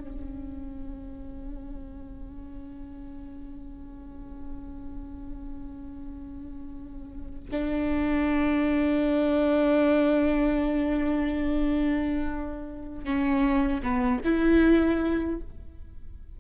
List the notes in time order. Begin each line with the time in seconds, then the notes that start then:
0.00 C#4
7.51 D4
13.05 C#4
13.83 B3
14.25 E4